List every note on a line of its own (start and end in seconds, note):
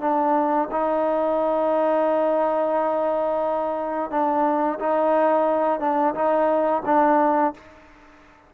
0.00 0.68 D4
0.71 4.10 D#4
4.10 4.78 D4
4.79 5.80 D#4
5.80 6.14 D4
6.14 6.82 D#4
6.85 7.53 D4